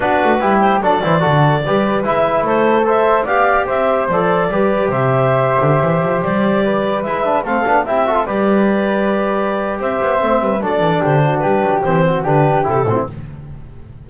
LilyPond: <<
  \new Staff \with { instrumentName = "clarinet" } { \time 4/4 \tempo 4 = 147 b'4. c''8 d''2~ | d''4 e''4 c''4 e''4 | f''4 e''4 d''2 | e''2.~ e''16 d''8.~ |
d''4~ d''16 e''4 f''4 e''8.~ | e''16 d''2.~ d''8. | e''2 d''4 c''4 | b'4 c''4 b'4 a'4 | }
  \new Staff \with { instrumentName = "flute" } { \time 4/4 fis'4 g'4 a'8 c''8 a'4 | b'2 a'4 c''4 | d''4 c''2 b'4 | c''1~ |
c''16 b'2 a'4 g'8 a'16~ | a'16 b'2.~ b'8. | c''4. b'8 a'4 g'8 fis'8 | g'4. fis'8 g'4. fis'16 e'16 | }
  \new Staff \with { instrumentName = "trombone" } { \time 4/4 d'4 e'4 d'8 e'8 fis'4 | g'4 e'2 a'4 | g'2 a'4 g'4~ | g'1~ |
g'4~ g'16 e'8 d'8 c'8 d'8 e'8 fis'16 | f'16 g'2.~ g'8.~ | g'4 c'4 d'2~ | d'4 c'4 d'4 e'8 c'8 | }
  \new Staff \with { instrumentName = "double bass" } { \time 4/4 b8 a8 g4 fis8 e8 d4 | g4 gis4 a2 | b4 c'4 f4 g4 | c4.~ c16 d8 e8 f8 g8.~ |
g4~ g16 gis4 a8 b8 c'8.~ | c'16 g2.~ g8. | c'8 b8 a8 g8 fis8 e8 d4 | g8 fis8 e4 d4 c8 a,8 | }
>>